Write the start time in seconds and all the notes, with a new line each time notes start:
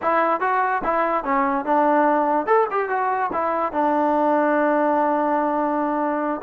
0.02 E4
0.40 F#4
0.84 E4
1.24 C#4
1.65 D4
2.46 A4
2.70 G4
2.89 F#4
3.32 E4
3.72 D4